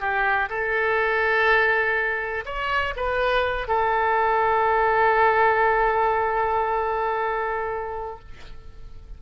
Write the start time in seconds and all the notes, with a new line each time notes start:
0.00 G4
0.49 A4
2.45 C#5
2.96 B4
3.68 A4